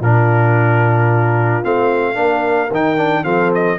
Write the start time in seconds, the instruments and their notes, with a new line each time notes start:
0.00 tuba A#2, trombone D4, horn F4, trumpet A#4
1.64 tuba A3, trombone C4, trumpet F5
2.14 tuba A#3, trombone D4, horn A#4
2.71 tuba D#3, trombone D#4, trumpet G5
2.97 trombone D4
3.24 tuba F3, trombone C4, horn A4, trumpet F5
3.55 trumpet D#5